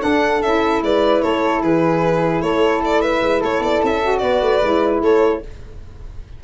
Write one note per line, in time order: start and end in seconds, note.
0.00 0.40 D4
0.00 0.42 D4
0.00 0.83 A4
0.00 0.42 F#5
0.42 0.82 C#4
0.42 4.02 E4
0.42 0.82 E5
0.82 1.22 G#3
0.82 1.24 B4
0.82 1.22 D5
1.22 1.62 A3
1.22 1.63 A4
1.22 1.62 C#5
1.62 2.41 E3
1.62 2.43 G#4
1.62 2.42 B4
2.41 3.21 A3
2.41 3.02 A4
2.41 2.82 C#5
2.85 3.02 D5
3.02 3.41 B4
3.02 3.42 E5
3.22 3.42 G#3
3.41 3.60 A3
3.41 4.21 A4
3.41 3.63 C#5
3.60 3.80 B3
3.60 3.83 D5
3.83 4.22 C#4
3.83 4.18 E5
4.02 4.62 F#4
4.18 4.41 B3
4.18 5.03 B4
4.18 4.98 D5
4.41 4.61 A3
4.62 5.02 G#3
4.62 5.42 E4
5.02 5.42 A3
5.02 5.43 A4
5.02 5.44 C#5